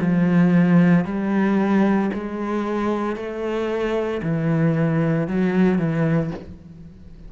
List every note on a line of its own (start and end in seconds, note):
0.00 1.05 F3
1.05 2.10 G3
2.13 3.16 G#3
3.16 4.21 A3
4.22 5.27 E3
5.27 5.78 F#3
5.78 6.31 E3